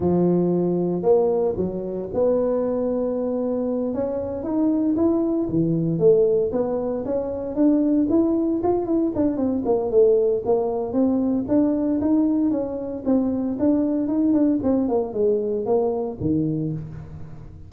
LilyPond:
\new Staff \with { instrumentName = "tuba" } { \time 4/4 \tempo 4 = 115 f2 ais4 fis4 | b2.~ b8 cis'8~ | cis'8 dis'4 e'4 e4 a8~ | a8 b4 cis'4 d'4 e'8~ |
e'8 f'8 e'8 d'8 c'8 ais8 a4 | ais4 c'4 d'4 dis'4 | cis'4 c'4 d'4 dis'8 d'8 | c'8 ais8 gis4 ais4 dis4 | }